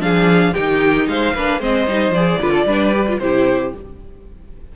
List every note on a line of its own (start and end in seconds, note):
0.00 0.53 F3
0.00 0.54 D4
0.00 0.54 G#4
0.00 0.55 F5
0.54 1.08 D#3
0.54 1.36 D#4
0.54 1.07 G4
0.54 1.08 G5
1.08 1.35 G#3
1.08 1.35 C5
1.08 1.62 F5
1.35 1.60 A#3
1.35 1.61 D4
1.35 1.61 B4
1.60 1.87 G#3
1.60 1.87 C4
1.60 2.40 C5
1.60 2.14 D#5
1.87 2.11 G3
1.87 2.14 D#4
2.11 2.37 F3
2.11 2.42 G#4
2.11 3.20 D5
2.42 2.65 D3
2.42 2.68 F4
2.42 2.52 B4
2.52 2.65 A4
2.65 3.19 G3
2.65 2.94 D4
2.65 3.20 B4
2.94 3.08 G4
3.08 3.22 F4
3.20 3.73 C3
3.20 3.76 E4
3.20 3.76 G4
3.20 3.73 C5